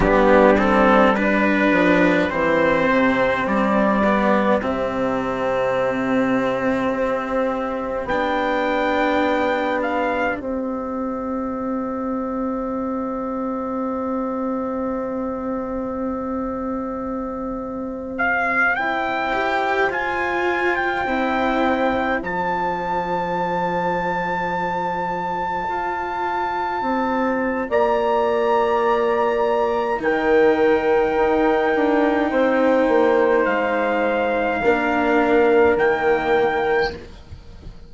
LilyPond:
<<
  \new Staff \with { instrumentName = "trumpet" } { \time 4/4 \tempo 4 = 52 g'8 a'8 b'4 c''4 d''4 | e''2. g''4~ | g''8 f''8 e''2.~ | e''2.~ e''8. f''16~ |
f''16 g''4 gis''8. g''4~ g''16 a''8.~ | a''1 | ais''2 g''2~ | g''4 f''2 g''4 | }
  \new Staff \with { instrumentName = "horn" } { \time 4/4 d'4 g'2.~ | g'1~ | g'1~ | g'1~ |
g'16 c''2.~ c''8.~ | c''1 | d''2 ais'2 | c''2 ais'2 | }
  \new Staff \with { instrumentName = "cello" } { \time 4/4 b8 c'8 d'4 c'4. b8 | c'2. d'4~ | d'4 c'2.~ | c'1~ |
c'8. g'8 f'4 e'4 f'8.~ | f'1~ | f'2 dis'2~ | dis'2 d'4 ais4 | }
  \new Staff \with { instrumentName = "bassoon" } { \time 4/4 g4. f8 e8 c8 g4 | c2 c'4 b4~ | b4 c'2.~ | c'1~ |
c'16 e'4 f'4 c'4 f8.~ | f2~ f16 f'4 c'8. | ais2 dis4 dis'8 d'8 | c'8 ais8 gis4 ais4 dis4 | }
>>